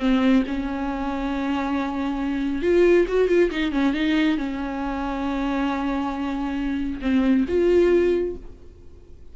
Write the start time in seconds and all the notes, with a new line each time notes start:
0.00 C4
0.47 C#4
2.63 F4
3.08 F#4
3.29 F4
3.51 D#4
3.72 C#4
3.94 D#4
4.38 C#4
7.02 C4
7.49 F4